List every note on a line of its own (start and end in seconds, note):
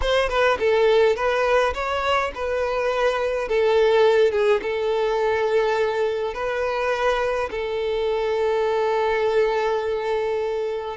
0.01 0.29 C5
0.29 0.58 B4
0.59 1.16 A4
1.16 1.73 B4
1.74 2.31 C#5
2.34 3.48 B4
3.48 4.31 A4
4.31 4.60 G#4
4.62 6.34 A4
6.34 7.49 B4
7.51 10.96 A4